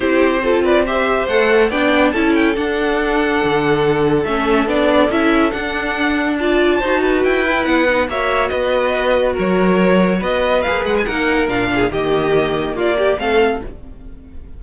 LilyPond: <<
  \new Staff \with { instrumentName = "violin" } { \time 4/4 \tempo 4 = 141 c''4. d''8 e''4 fis''4 | g''4 a''8 g''8 fis''2~ | fis''2 e''4 d''4 | e''4 fis''2 a''4~ |
a''4 g''4 fis''4 e''4 | dis''2 cis''2 | dis''4 f''8 fis''16 gis''16 fis''4 f''4 | dis''2 d''4 f''4 | }
  \new Staff \with { instrumentName = "violin" } { \time 4/4 g'4 a'8 b'8 c''2 | d''4 a'2.~ | a'1~ | a'2. d''4 |
c''8 b'2~ b'8 cis''4 | b'2 ais'2 | b'2 ais'4. gis'8 | g'2 f'8 g'8 a'4 | }
  \new Staff \with { instrumentName = "viola" } { \time 4/4 e'4 f'4 g'4 a'4 | d'4 e'4 d'2~ | d'2 cis'4 d'4 | e'4 d'2 f'4 |
fis'4. e'4 dis'8 fis'4~ | fis'1~ | fis'4 gis'4 dis'4 d'4 | ais2. c'4 | }
  \new Staff \with { instrumentName = "cello" } { \time 4/4 c'2. a4 | b4 cis'4 d'2 | d2 a4 b4 | cis'4 d'2. |
dis'4 e'4 b4 ais4 | b2 fis2 | b4 ais8 gis8 ais4 ais,4 | dis2 ais4 a4 | }
>>